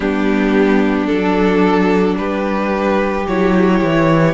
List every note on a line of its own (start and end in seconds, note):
0.00 1.08 G3
0.00 1.09 B3
0.00 2.17 D4
0.00 1.06 G4
1.06 2.17 F#3
1.06 3.27 D4
1.06 2.15 A4
2.17 3.26 G3
2.17 4.33 G4
2.17 3.26 B4
3.27 3.82 F#3
3.27 4.33 E4
3.27 4.33 C#5
3.82 4.33 E3